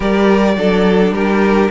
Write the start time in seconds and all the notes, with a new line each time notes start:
0.00 G3 G4 A#4 D5
0.56 F#3 D4 A4
1.11 G3 G4 A#4